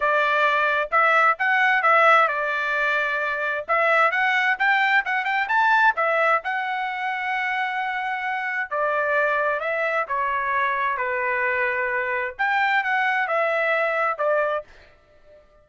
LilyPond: \new Staff \with { instrumentName = "trumpet" } { \time 4/4 \tempo 4 = 131 d''2 e''4 fis''4 | e''4 d''2. | e''4 fis''4 g''4 fis''8 g''8 | a''4 e''4 fis''2~ |
fis''2. d''4~ | d''4 e''4 cis''2 | b'2. g''4 | fis''4 e''2 d''4 | }